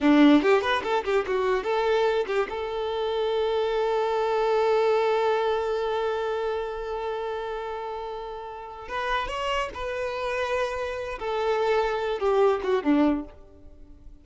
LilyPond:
\new Staff \with { instrumentName = "violin" } { \time 4/4 \tempo 4 = 145 d'4 g'8 b'8 a'8 g'8 fis'4 | a'4. g'8 a'2~ | a'1~ | a'1~ |
a'1~ | a'4. b'4 cis''4 b'8~ | b'2. a'4~ | a'4. g'4 fis'8 d'4 | }